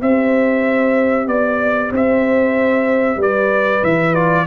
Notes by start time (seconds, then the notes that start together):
0.00 C4 G4 C5 E5
1.27 B3 D5
1.92 C4 C5 E5
3.17 G3 B4 D5
3.83 E3 E5
4.13 F4 D5